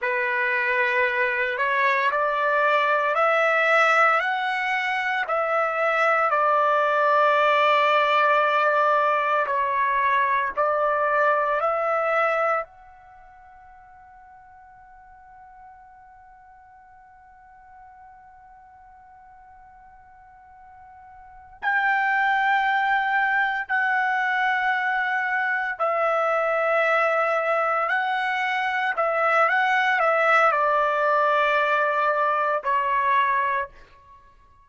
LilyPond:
\new Staff \with { instrumentName = "trumpet" } { \time 4/4 \tempo 4 = 57 b'4. cis''8 d''4 e''4 | fis''4 e''4 d''2~ | d''4 cis''4 d''4 e''4 | fis''1~ |
fis''1~ | fis''8 g''2 fis''4.~ | fis''8 e''2 fis''4 e''8 | fis''8 e''8 d''2 cis''4 | }